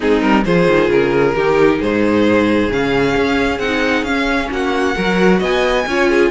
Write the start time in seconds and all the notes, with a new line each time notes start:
0.00 G#3 C4 D#4 G#4
0.21 G3 A#4
0.45 F3 F4 G#4 C5
0.67 D#3
0.89 C#3 A#4
1.35 D#3 D#4 G4
1.78 G#2 G#4 C5
2.69 C#3 C#4 F5
3.16 C#4
3.58 C4 D#4 F#5
4.03 C#4 F5
4.50 A#3 F#4 F#5
4.95 F#3 F#4 A#4
5.39 B3 D#5 G#5
5.86 C#4 F4 C#5
6.09 G#4